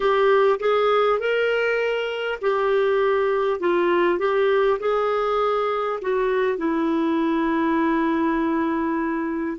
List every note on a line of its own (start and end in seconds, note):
0.00 0.59 G4
0.59 1.19 G#4
1.19 2.39 A#4
2.41 3.59 G4
3.59 4.18 F4
4.18 4.78 G4
4.79 5.99 G#4
6.01 6.57 F#4
6.57 9.57 E4